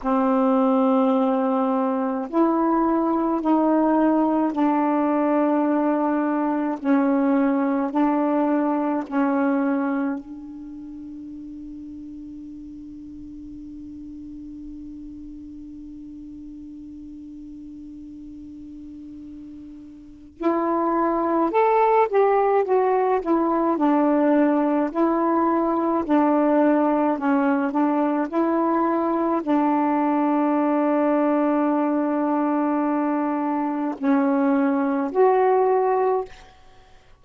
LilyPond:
\new Staff \with { instrumentName = "saxophone" } { \time 4/4 \tempo 4 = 53 c'2 e'4 dis'4 | d'2 cis'4 d'4 | cis'4 d'2.~ | d'1~ |
d'2 e'4 a'8 g'8 | fis'8 e'8 d'4 e'4 d'4 | cis'8 d'8 e'4 d'2~ | d'2 cis'4 fis'4 | }